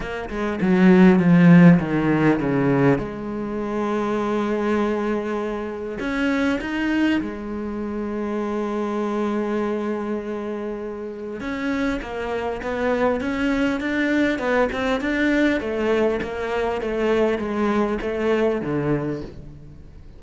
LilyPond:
\new Staff \with { instrumentName = "cello" } { \time 4/4 \tempo 4 = 100 ais8 gis8 fis4 f4 dis4 | cis4 gis2.~ | gis2 cis'4 dis'4 | gis1~ |
gis2. cis'4 | ais4 b4 cis'4 d'4 | b8 c'8 d'4 a4 ais4 | a4 gis4 a4 d4 | }